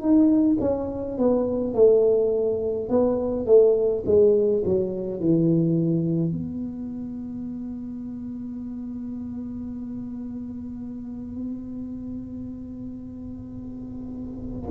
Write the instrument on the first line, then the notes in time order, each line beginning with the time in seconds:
tuba
0.00 D#4
0.61 C#4
1.19 B3
1.75 A3
2.90 B3
3.46 A3
4.06 G#3
4.65 F#3
5.20 E3
6.33 B3